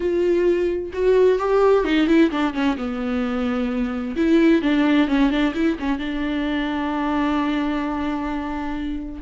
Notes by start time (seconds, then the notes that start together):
0.00 F4
0.93 F#4
1.38 G4
1.84 D#4
2.07 E4
2.31 D4
2.53 C#4
2.77 B3
4.16 E4
4.62 D4
5.08 C#4
5.30 D4
5.54 E4
5.79 C#4
5.99 D4